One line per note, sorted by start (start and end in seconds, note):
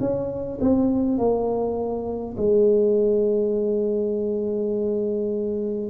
0.00 0.59 C#4
0.61 1.18 C4
1.18 2.35 A#3
2.37 5.89 G#3